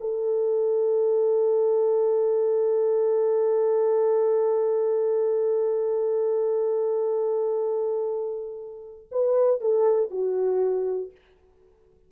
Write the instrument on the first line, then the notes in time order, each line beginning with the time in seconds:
horn
0.00 A4
9.11 B4
9.61 A4
10.10 F#4